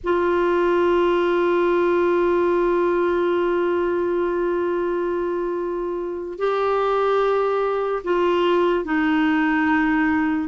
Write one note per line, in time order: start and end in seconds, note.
0.03 6.38 F4
6.38 8.02 G4
8.03 8.85 F4
8.85 10.48 D#4